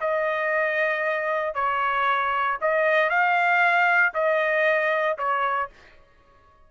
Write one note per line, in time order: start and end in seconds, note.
0.00 1.54 D#5
1.54 2.57 C#5
2.61 3.09 D#5
3.09 4.13 F5
4.14 5.17 D#5
5.17 5.69 C#5